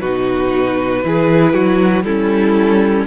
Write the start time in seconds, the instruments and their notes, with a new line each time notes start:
0.00 cello B2, viola D#4, violin F#4 B4
1.03 cello E3, viola E4, violin G#4
1.53 cello F#3, violin F#4
2.03 cello G3, viola C#4, violin E4 A4